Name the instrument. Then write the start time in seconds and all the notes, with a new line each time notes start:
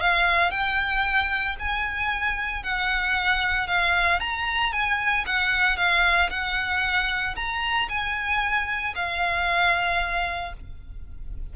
violin
0.00 F5
0.51 G5
1.59 G#5
2.63 F#5
3.67 F5
4.20 A#5
4.72 G#5
5.26 F#5
5.77 F5
6.30 F#5
7.36 A#5
7.89 G#5
8.95 F5